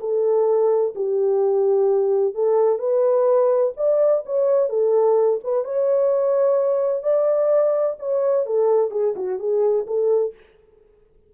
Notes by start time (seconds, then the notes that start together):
0.00 A4
0.95 G4
2.35 A4
2.79 B4
3.77 D5
4.26 C#5
4.69 A4
5.44 B4
5.64 C#5
7.03 D5
7.99 C#5
8.46 A4
8.91 G#4
9.16 F#4
9.39 G#4
9.87 A4